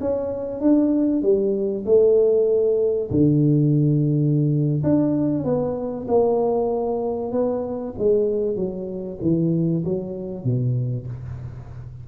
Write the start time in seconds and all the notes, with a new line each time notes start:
0.00 C#4
0.60 D4
1.22 G3
1.85 A3
3.10 D3
4.83 D4
5.44 B3
6.07 A#3
7.32 B3
7.98 G#3
8.55 F#3
9.21 E3
9.84 F#3
10.44 B2